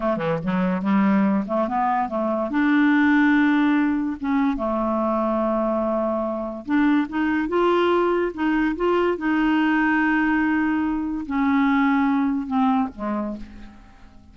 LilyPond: \new Staff \with { instrumentName = "clarinet" } { \time 4/4 \tempo 4 = 144 a8 e8 fis4 g4. a8 | b4 a4 d'2~ | d'2 cis'4 a4~ | a1 |
d'4 dis'4 f'2 | dis'4 f'4 dis'2~ | dis'2. cis'4~ | cis'2 c'4 gis4 | }